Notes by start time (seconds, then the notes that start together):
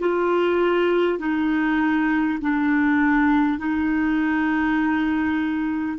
0.00 F4
1.19 D#4
2.42 D4
3.59 D#4